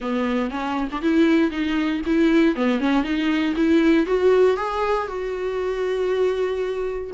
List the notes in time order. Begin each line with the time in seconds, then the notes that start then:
0.00 B3
0.50 C#4
0.91 D4
1.02 E4
1.50 D#4
2.06 E4
2.55 B3
2.80 C#4
3.03 D#4
3.56 E4
4.06 F#4
4.56 G#4
5.07 F#4